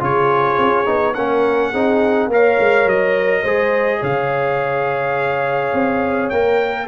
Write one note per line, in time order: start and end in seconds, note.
0.00 0.58 C#3
0.00 0.85 F4
0.00 1.15 G#4
0.00 1.14 C#5
0.58 0.87 C#4
0.85 1.16 B3
0.85 1.14 D#4
1.14 1.73 A#3
1.14 1.74 C#4
1.14 1.72 A#4
1.14 2.28 F#5
1.72 2.27 C4
1.72 2.31 D#4
1.72 2.29 G#4
2.27 2.56 A#3
2.27 3.46 A#4
2.27 3.42 C#5
2.27 2.89 F5
2.60 2.86 G#3
2.86 3.43 F#3
2.86 4.03 D#5
3.42 4.01 G#3
3.42 6.33 G#4
3.42 3.99 C5
4.00 5.73 C#3
4.00 6.85 C#5
4.00 6.30 F5
5.73 6.31 C4
6.30 6.88 A#3
6.30 6.88 A#4
6.30 6.87 G5